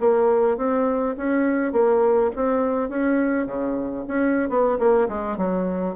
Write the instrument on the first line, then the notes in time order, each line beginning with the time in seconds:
bassoon
0.00 A#3
0.57 C4
1.17 C#4
1.72 A#3
2.36 C4
2.89 C#4
3.47 C#3
4.08 C#4
4.49 B3
4.79 A#3
5.08 G#3
5.37 F#3